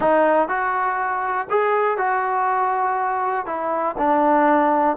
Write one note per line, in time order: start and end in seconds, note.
0.00 0.48 D#4
0.48 1.47 F#4
1.50 1.97 G#4
1.97 3.46 F#4
3.46 3.95 E4
3.98 4.97 D4